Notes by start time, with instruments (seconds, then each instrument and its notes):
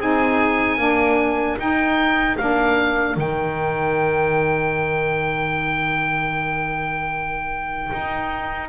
0.00 double bass C4, saxophone D#4, trumpet G#4, oboe G#5
0.78 double bass A#3, saxophone D4, trumpet A#4
1.58 double bass D#4, saxophone D#4, oboe G5
2.37 double bass A#3, saxophone D4, oboe F5
3.16 double bass D#3, saxophone D#4, oboe G5
7.92 double bass D#4